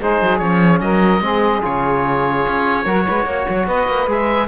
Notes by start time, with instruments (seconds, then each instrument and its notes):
0.00 cello G#3, trombone D#4, saxophone G#4, oboe C5
0.22 cello F#3
0.39 cello F3, trombone C#4, oboe C#5
0.81 cello F#3, saxophone A#4, oboe D#5
1.21 cello G#3, trombone C4, saxophone G#4
1.62 cello C#3, trombone F4, oboe C#5
2.48 cello C#4
2.86 cello F#3, trombone F#4, saxophone A#4
3.07 cello G#3, saxophone B4
3.25 cello A#3, saxophone C#5
3.50 cello F#3
3.67 cello B3, saxophone B4, oboe D#5
3.88 cello A#3
4.07 cello G#3, trombone G#4, oboe E5